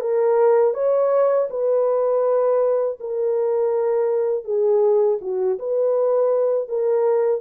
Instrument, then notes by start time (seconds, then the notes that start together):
horn
0.00 A#4
0.74 C#5
1.50 B4
3.00 A#4
4.44 G#4
5.21 F#4
5.59 B4
6.68 A#4